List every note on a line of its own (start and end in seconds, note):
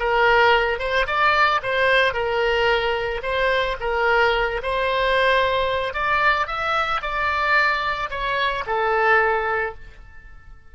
0.00 0.79 A#4
0.79 1.06 C5
1.07 1.61 D5
1.63 2.14 C5
2.14 3.22 A#4
3.23 3.77 C5
3.81 4.62 A#4
4.63 5.94 C5
5.94 6.47 D5
6.47 7.01 E5
7.02 8.10 D5
8.10 8.64 C#5
8.67 9.75 A4